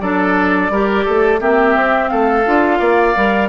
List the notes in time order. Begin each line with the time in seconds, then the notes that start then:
0.00 F#3 D4 A4 D5
0.69 G3 G4 A#4
1.05 A3 A4
1.39 A#3 C4 G4 E5
1.75 C4
2.08 A3 A4 F5
2.45 D4 F4
2.78 A#3 D5
3.15 G3 A#4